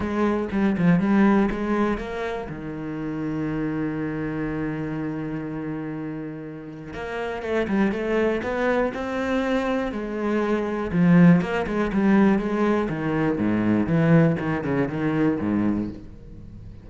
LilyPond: \new Staff \with { instrumentName = "cello" } { \time 4/4 \tempo 4 = 121 gis4 g8 f8 g4 gis4 | ais4 dis2.~ | dis1~ | dis2 ais4 a8 g8 |
a4 b4 c'2 | gis2 f4 ais8 gis8 | g4 gis4 dis4 gis,4 | e4 dis8 cis8 dis4 gis,4 | }